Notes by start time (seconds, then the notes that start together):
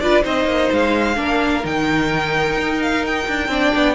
0.00 D4 F4 B4 D5
0.22 C4 D#4 C5 D#5
0.44 A#3
0.72 G#3 F5
1.16 A#3 D4 A#4
1.63 D#3 D#4 G5
2.57 D#4
2.82 F5
3.06 G5
3.28 D4
3.48 C4 D4 D5
3.75 B3